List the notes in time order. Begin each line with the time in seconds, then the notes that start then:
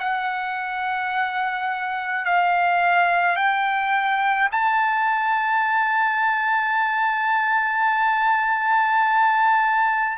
0.00 F#5
2.26 F5
3.37 G5
4.52 A5